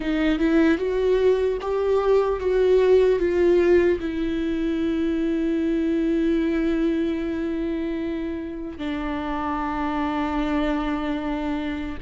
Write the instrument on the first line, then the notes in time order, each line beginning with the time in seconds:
viola
0.00 D#4
0.39 E4
0.78 F#4
1.61 G4
2.39 F#4
3.19 F4
4.00 E4
8.78 D4